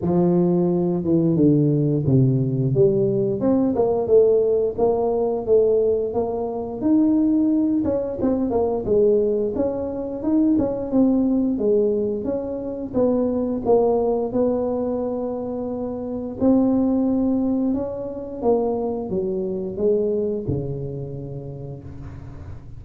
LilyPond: \new Staff \with { instrumentName = "tuba" } { \time 4/4 \tempo 4 = 88 f4. e8 d4 c4 | g4 c'8 ais8 a4 ais4 | a4 ais4 dis'4. cis'8 | c'8 ais8 gis4 cis'4 dis'8 cis'8 |
c'4 gis4 cis'4 b4 | ais4 b2. | c'2 cis'4 ais4 | fis4 gis4 cis2 | }